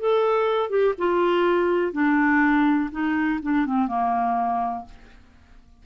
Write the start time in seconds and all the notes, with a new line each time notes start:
0.00 A4
0.70 G4
0.98 F4
1.93 D4
2.92 D#4
3.43 D4
3.67 C4
3.88 A#3